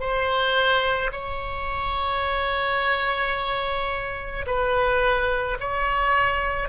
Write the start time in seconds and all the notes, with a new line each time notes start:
0.00 C5
1.12 C#5
4.46 B4
5.60 C#5